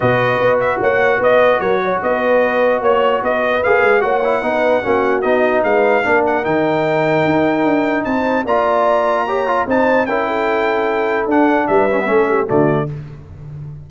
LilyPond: <<
  \new Staff \with { instrumentName = "trumpet" } { \time 4/4 \tempo 4 = 149 dis''4. e''8 fis''4 dis''4 | cis''4 dis''2 cis''4 | dis''4 f''4 fis''2~ | fis''4 dis''4 f''4. fis''8 |
g''1 | a''4 ais''2. | a''4 g''2. | fis''4 e''2 d''4 | }
  \new Staff \with { instrumentName = "horn" } { \time 4/4 b'2 cis''4 b'4 | ais'8 cis''8 b'2 cis''4 | b'2 cis''4 b'4 | fis'2 b'4 ais'4~ |
ais'1 | c''4 d''2 cis''4 | c''4 ais'8 a'2~ a'8~ | a'4 b'4 a'8 g'8 fis'4 | }
  \new Staff \with { instrumentName = "trombone" } { \time 4/4 fis'1~ | fis'1~ | fis'4 gis'4 fis'8 e'8 dis'4 | cis'4 dis'2 d'4 |
dis'1~ | dis'4 f'2 g'8 f'8 | dis'4 e'2. | d'4. cis'16 b16 cis'4 a4 | }
  \new Staff \with { instrumentName = "tuba" } { \time 4/4 b,4 b4 ais4 b4 | fis4 b2 ais4 | b4 ais8 gis8 ais4 b4 | ais4 b4 gis4 ais4 |
dis2 dis'4 d'4 | c'4 ais2. | c'4 cis'2. | d'4 g4 a4 d4 | }
>>